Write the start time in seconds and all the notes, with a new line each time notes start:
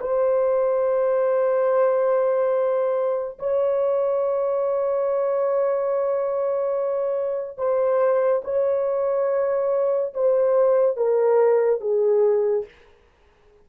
0.00 C5
3.39 C#5
7.58 C5
8.44 C#5
10.14 C5
10.97 A#4
11.80 G#4